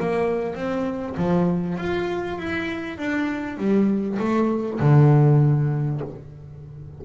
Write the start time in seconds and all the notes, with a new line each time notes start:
0.00 A#3
0.55 C4
1.17 F3
1.78 F4
2.39 E4
2.98 D4
3.58 G3
4.19 A3
4.80 D3